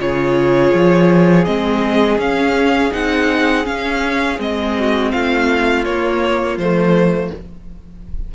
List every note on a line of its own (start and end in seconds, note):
0.00 0.73 C#3
0.00 1.46 F4
0.00 4.78 G#4
0.00 1.45 C#5
0.74 1.47 F3
1.45 2.18 G#3
1.45 2.19 C4
1.45 2.18 D#5
2.18 2.91 C#4
2.18 2.93 F5
2.91 3.66 C4
2.91 3.64 D#4
2.91 3.66 F#5
3.64 4.37 C#4
3.64 4.39 C#4
3.64 4.39 F5
4.39 5.12 G#3
4.39 5.86 C4
4.39 5.11 D#5
4.79 5.13 F#4
5.11 5.86 A3
5.11 7.32 F4
5.11 5.85 F5
5.85 6.57 A#3
5.85 6.60 A#3
5.85 6.58 C#5
6.57 7.30 F3
6.57 7.35 A3
6.57 7.31 C5